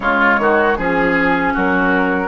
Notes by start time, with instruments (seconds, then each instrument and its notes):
0.00 bassoon C#3, clarinet G#3, oboe F4, flute C#5
0.39 bassoon D#3, oboe F#4
0.76 bassoon F3, clarinet C#4, flute G#4, oboe G#4
1.53 bassoon F#3, oboe F#4, flute A#4